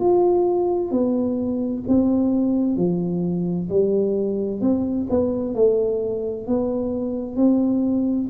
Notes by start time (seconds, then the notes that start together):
0.00 F4
0.91 B3
1.88 C4
2.77 F3
3.69 G3
4.61 C4
5.10 B3
5.55 A3
6.47 B3
7.36 C4